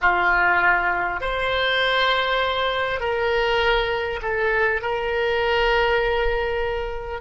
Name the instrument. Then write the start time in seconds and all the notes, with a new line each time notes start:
oboe
0.01 F4
1.20 C5
3.00 A#4
4.22 A4
4.81 A#4